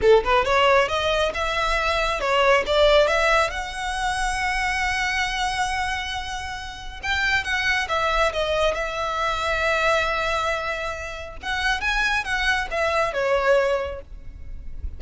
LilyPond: \new Staff \with { instrumentName = "violin" } { \time 4/4 \tempo 4 = 137 a'8 b'8 cis''4 dis''4 e''4~ | e''4 cis''4 d''4 e''4 | fis''1~ | fis''1 |
g''4 fis''4 e''4 dis''4 | e''1~ | e''2 fis''4 gis''4 | fis''4 e''4 cis''2 | }